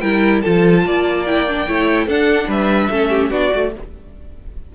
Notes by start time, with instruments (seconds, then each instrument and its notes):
0.00 cello G3, viola E4, violin A#4 G5
0.42 cello F3, viola F4, violin A4 A5
0.85 cello A#3, violin D5
1.26 viola E4, violin G5
1.48 viola D4
1.68 cello A3, viola E4, violin C#5
2.06 cello D4, viola D4, violin A4 F#5
2.48 cello G3, violin B4 E5
2.91 cello A3, viola C#4, violin A4
3.10 violin G4
3.30 cello B3, viola D4, violin F#4 D5
3.51 cello A3, viola F#4